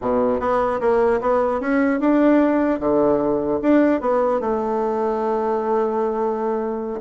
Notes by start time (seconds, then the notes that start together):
0.01 B2
0.40 B3
0.80 A#3
1.20 B3
1.60 C#4
1.99 D4
2.79 D3
3.61 D4
4.01 B3
4.40 A3